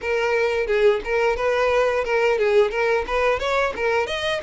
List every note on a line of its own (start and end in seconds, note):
0.01 0.66 A#4
0.66 1.00 G#4
1.04 1.36 A#4
1.36 2.04 B4
2.04 2.38 A#4
2.38 2.71 G#4
2.71 3.05 A#4
3.07 3.39 B4
3.39 3.73 C#5
3.76 4.06 A#4
4.06 4.40 D#5